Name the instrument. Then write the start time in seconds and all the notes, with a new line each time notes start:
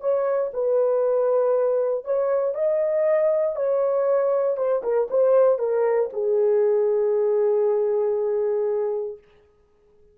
horn
0.00 C#5
0.53 B4
2.05 C#5
2.54 D#5
3.55 C#5
4.57 C5
4.83 A#4
5.10 C5
5.59 A#4
6.13 G#4